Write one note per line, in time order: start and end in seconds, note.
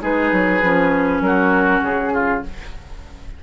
0.00 0.31 G#3
0.00 0.60 D#4
0.00 1.21 G#4
0.00 1.21 B4
0.32 0.61 F#3
0.62 1.20 F3
0.62 2.43 C#4
1.20 1.80 F#3
1.20 2.13 F#4
1.20 1.81 A#4
1.81 2.41 C#3
1.81 2.43 G#4
2.13 2.43 F4